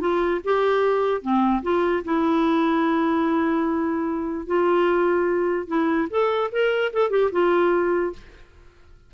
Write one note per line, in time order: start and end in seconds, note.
0.00 0.41 F4
0.44 1.21 G4
1.21 1.62 C4
1.62 2.03 F4
2.04 4.46 E4
4.46 5.67 F4
5.67 6.08 E4
6.10 6.50 A4
6.51 6.92 A#4
6.93 7.10 A4
7.10 7.30 G4
7.31 8.12 F4